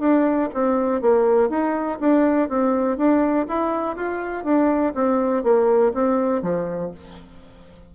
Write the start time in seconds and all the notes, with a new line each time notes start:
0.00 D4
0.54 C4
1.01 A#3
1.50 D#4
2.00 D4
2.49 C4
2.97 D4
3.48 E4
3.96 F4
4.44 D4
4.94 C4
5.44 A#3
5.94 C4
6.42 F3